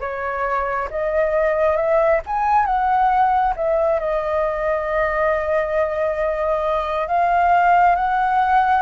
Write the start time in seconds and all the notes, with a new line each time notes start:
0.00 C#5
0.90 D#5
1.76 E5
2.26 G#5
2.66 F#5
3.56 E5
3.99 D#5
7.07 F5
7.96 F#5